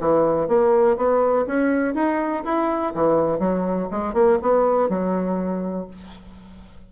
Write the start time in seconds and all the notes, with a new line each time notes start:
0.00 E3
0.48 A#3
0.96 B3
1.46 C#4
1.94 D#4
2.44 E4
2.94 E3
3.39 F#3
3.91 G#3
4.13 A#3
4.42 B3
4.89 F#3